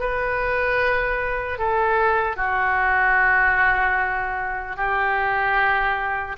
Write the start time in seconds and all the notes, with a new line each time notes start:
0.00 B4
1.59 A4
2.37 F#4
4.77 G4